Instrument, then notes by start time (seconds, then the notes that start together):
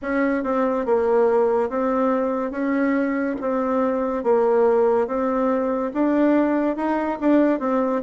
bassoon
0.02 C#4
0.43 C4
0.85 A#3
1.69 C4
2.51 C#4
3.40 C4
4.23 A#3
5.07 C4
5.93 D4
6.76 D#4
7.20 D4
7.59 C4